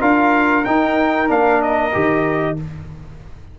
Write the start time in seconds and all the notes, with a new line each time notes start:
0.00 D4 F4 A#4 F5
0.65 D#4 G5
1.27 A#3 D4 F5
1.62 D#5
1.93 D#3 G4